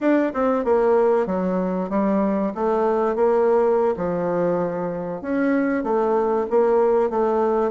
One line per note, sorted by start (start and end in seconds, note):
0.00 0.32 D4
0.33 0.64 C4
0.64 1.26 A#3
1.26 1.89 F#3
1.89 2.52 G3
2.54 3.16 A3
3.16 3.94 A#3
3.96 5.21 F3
5.21 5.83 C#4
5.83 6.46 A3
6.49 7.10 A#3
7.10 7.71 A3